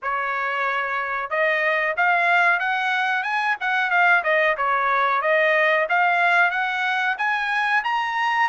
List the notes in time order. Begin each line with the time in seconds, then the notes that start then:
0.02 C#5
1.30 D#5
1.97 F5
2.59 F#5
3.23 G#5
3.60 F#5
3.90 F5
4.23 D#5
4.57 C#5
5.21 D#5
5.89 F5
6.50 F#5
7.18 G#5
7.83 A#5